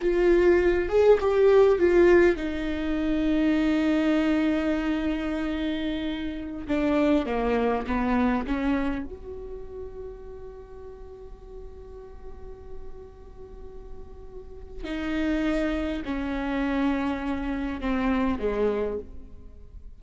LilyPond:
\new Staff \with { instrumentName = "viola" } { \time 4/4 \tempo 4 = 101 f'4. gis'8 g'4 f'4 | dis'1~ | dis'2.~ dis'16 d'8.~ | d'16 ais4 b4 cis'4 fis'8.~ |
fis'1~ | fis'1~ | fis'4 dis'2 cis'4~ | cis'2 c'4 gis4 | }